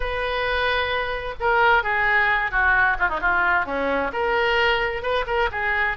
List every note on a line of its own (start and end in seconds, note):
0.00 1.34 B4
1.39 1.83 A#4
1.83 2.51 G#4
2.51 2.96 F#4
2.99 3.08 F4
3.08 3.20 D#4
3.20 3.65 F4
3.65 4.11 C#4
4.13 5.02 A#4
5.02 5.25 B4
5.27 5.49 A#4
5.51 5.97 G#4